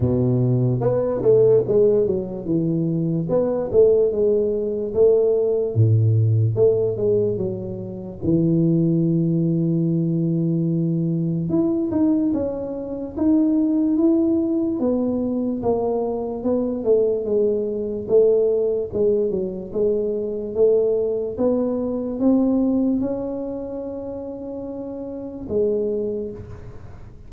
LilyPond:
\new Staff \with { instrumentName = "tuba" } { \time 4/4 \tempo 4 = 73 b,4 b8 a8 gis8 fis8 e4 | b8 a8 gis4 a4 a,4 | a8 gis8 fis4 e2~ | e2 e'8 dis'8 cis'4 |
dis'4 e'4 b4 ais4 | b8 a8 gis4 a4 gis8 fis8 | gis4 a4 b4 c'4 | cis'2. gis4 | }